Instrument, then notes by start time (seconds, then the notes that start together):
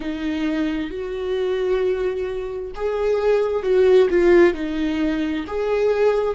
viola
0.00 D#4
0.90 F#4
2.75 G#4
3.62 F#4
4.10 F4
4.54 D#4
5.47 G#4